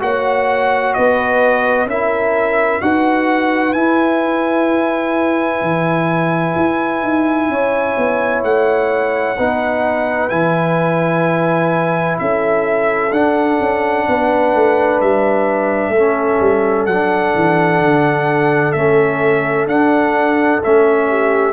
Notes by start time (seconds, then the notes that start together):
0.00 A#3 F#4 C#5 F#5
0.94 B3 B4 D#5
1.86 C#4 E4 A#4 E5
2.81 D#4 F#4 B4 F#5
3.73 E4 G#5
5.62 E3
6.56 E4
7.03 D#4
7.49 C#4 C#5
7.98 B3
8.44 A3 F#5
9.38 B3 D#4 B4
10.29 E3 E4 G#5
12.19 C#4 A4 E5
13.12 D4 F#5
13.60 C#4
14.08 B3 B4
14.55 A3
15.01 G3 E5
15.89 A3 A4
15.96 C#4
16.40 G3
16.86 F#3 D4 F#5
17.35 E3
17.81 D3
18.72 A3 C#4 E5
19.67 D4 F#5
20.63 A3 C#4 E5
21.09 G4